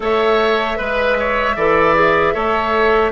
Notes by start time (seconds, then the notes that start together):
0.00 A3 A4 C#5 E5
0.75 G#3 B4
1.19 C#5
1.56 E3 A4 D5
1.94 G#4
2.33 A3 A4 C#5